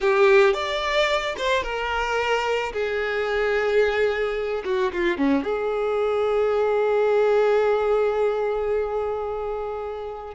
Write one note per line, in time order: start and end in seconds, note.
0.00 0.53 G4
0.53 1.35 D5
1.37 1.63 C5
1.63 2.72 A#4
2.72 4.63 G#4
4.64 4.91 F#4
4.92 5.17 F4
5.17 5.43 C#4
5.43 10.34 G#4